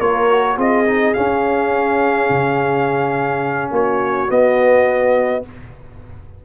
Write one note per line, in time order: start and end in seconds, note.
0.00 0.57 A#3
0.00 0.29 F4
0.00 0.57 A#4
0.00 0.57 C#5
0.29 0.56 F#4
0.56 1.14 C4
0.56 0.85 F4
0.56 3.71 G#4
0.56 1.14 D#5
0.85 1.14 D#4
1.14 4.28 C#4
1.14 2.29 C#4
1.14 3.71 F5
2.29 3.70 C#3
3.70 4.28 A#3
3.70 5.44 F#4
3.70 4.30 C#5
4.28 5.42 B3
4.28 5.44 B3
4.28 5.44 D#5